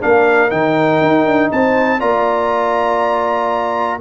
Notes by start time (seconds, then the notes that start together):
0.00 A#3 D4 A#4 F5
0.50 D#3 D#4 G5
1.01 D#4
1.26 D4
1.52 C4 C5 A5
1.99 A#3 F4 D5 A#5